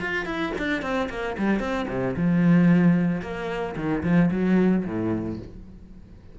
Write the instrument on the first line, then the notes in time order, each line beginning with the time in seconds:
cello
0.00 F4
0.26 E4
0.58 D4
0.82 C4
1.10 A#3
1.38 G3
1.60 C4
1.89 C3
2.16 F3
3.22 A#3
3.76 D#3
4.03 F3
4.31 F#3
4.86 A2